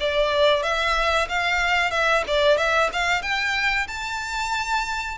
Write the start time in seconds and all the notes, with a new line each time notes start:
0.00 D5
0.63 E5
1.29 F5
1.91 E5
2.27 D5
2.57 E5
2.93 F5
3.22 G5
3.87 A5